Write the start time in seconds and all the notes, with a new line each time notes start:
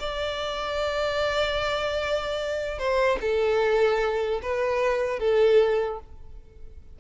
0.00 D5
2.79 C5
3.21 A4
4.43 B4
5.20 A4